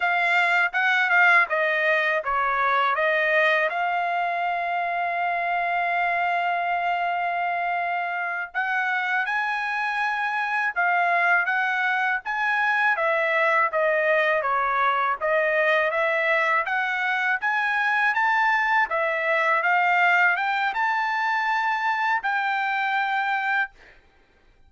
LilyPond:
\new Staff \with { instrumentName = "trumpet" } { \time 4/4 \tempo 4 = 81 f''4 fis''8 f''8 dis''4 cis''4 | dis''4 f''2.~ | f''2.~ f''8 fis''8~ | fis''8 gis''2 f''4 fis''8~ |
fis''8 gis''4 e''4 dis''4 cis''8~ | cis''8 dis''4 e''4 fis''4 gis''8~ | gis''8 a''4 e''4 f''4 g''8 | a''2 g''2 | }